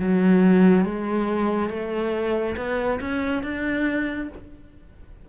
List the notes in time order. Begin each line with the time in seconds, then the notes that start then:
0.00 F#3
0.85 G#3
1.70 A3
2.57 B3
3.01 C#4
3.43 D4